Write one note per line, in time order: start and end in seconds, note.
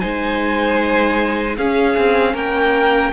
0.00 1.58 G#3
0.00 1.57 D#4
0.00 1.56 C5
0.00 1.56 G#5
1.57 1.97 C#4
1.57 3.13 C#4
1.57 2.33 G#4
1.57 2.36 F5
1.97 2.34 C4
2.33 3.12 A#3
2.33 3.11 A#4
2.33 3.13 G5